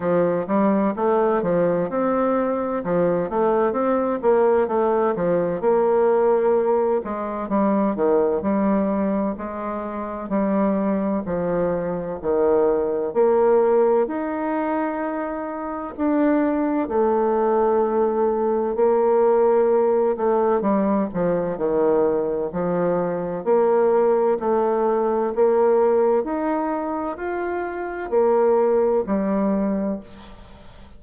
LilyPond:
\new Staff \with { instrumentName = "bassoon" } { \time 4/4 \tempo 4 = 64 f8 g8 a8 f8 c'4 f8 a8 | c'8 ais8 a8 f8 ais4. gis8 | g8 dis8 g4 gis4 g4 | f4 dis4 ais4 dis'4~ |
dis'4 d'4 a2 | ais4. a8 g8 f8 dis4 | f4 ais4 a4 ais4 | dis'4 f'4 ais4 g4 | }